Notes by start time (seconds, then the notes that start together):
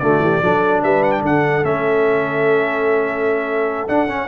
0.00 D3 A3 F#4 D5
0.19 E3 G4
0.43 F#3 D4 A4
0.83 G3 B4 E5
1.03 F#5
1.12 G5
1.22 D3 A4 F#5
1.64 A3 C#4 E5
3.89 D4 F#5
4.07 C#4